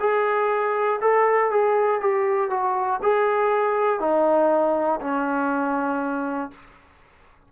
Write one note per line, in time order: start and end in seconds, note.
0.00 1.00 G#4
1.01 1.51 A4
1.51 2.00 G#4
2.00 2.50 G4
2.50 3.00 F#4
3.02 4.00 G#4
4.00 5.00 D#4
5.00 6.50 C#4